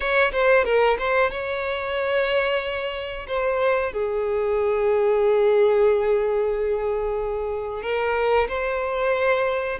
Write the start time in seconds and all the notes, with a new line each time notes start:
0.00 C#5
0.32 C5
0.64 A#4
0.98 C5
1.30 C#5
3.27 C5
3.92 G#4
7.82 A#4
8.48 C5